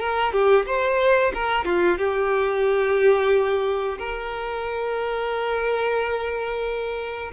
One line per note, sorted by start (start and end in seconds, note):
0.00 0.33 A#4
0.33 0.66 G4
0.66 1.33 C5
1.34 1.65 A#4
1.65 1.98 F4
1.98 3.98 G4
3.98 7.32 A#4